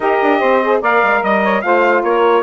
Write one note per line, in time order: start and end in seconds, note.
0.00 0.19 D#4
0.00 0.62 G4
0.00 0.39 A#4
0.00 0.81 D#5
0.22 0.41 D4
0.39 0.81 C4
0.39 0.80 C5
0.62 0.82 G#4
0.81 1.01 A#3
0.81 1.62 A#4
0.81 1.22 D5
0.81 1.23 F5
1.03 1.22 G#3
1.22 1.63 G3
1.22 1.43 D#5
1.22 1.61 D#5
1.43 1.63 C#5
1.61 2.02 A3
1.61 2.42 F4
1.61 2.05 C5
1.61 2.02 F5
2.02 2.42 A#3
2.02 2.42 A#4
2.02 2.42 C#5